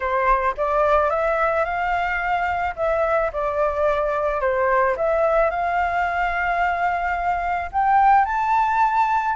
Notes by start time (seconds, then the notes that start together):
0.00 C5
0.57 D5
1.09 E5
1.64 F5
2.75 E5
3.32 D5
4.40 C5
4.97 E5
5.50 F5
7.71 G5
8.25 A5